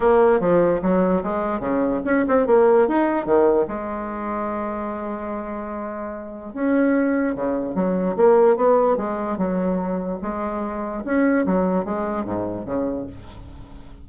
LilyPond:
\new Staff \with { instrumentName = "bassoon" } { \time 4/4 \tempo 4 = 147 ais4 f4 fis4 gis4 | cis4 cis'8 c'8 ais4 dis'4 | dis4 gis2.~ | gis1 |
cis'2 cis4 fis4 | ais4 b4 gis4 fis4~ | fis4 gis2 cis'4 | fis4 gis4 gis,4 cis4 | }